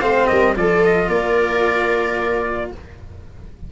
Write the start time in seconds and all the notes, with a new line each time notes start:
0.00 A3 C4 C5 F5
0.27 G3 A#4 D#5
0.55 F3 F4 A4 D5
0.84 D#5
1.08 A#3 A#4 D5